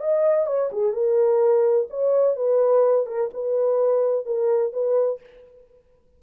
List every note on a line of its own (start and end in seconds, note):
0.00 0.46 D#5
0.46 0.70 C#5
0.72 0.93 G#4
0.93 1.87 A#4
1.90 2.36 C#5
2.36 3.06 B4
3.06 3.30 A#4
3.33 4.25 B4
4.25 4.73 A#4
4.73 5.20 B4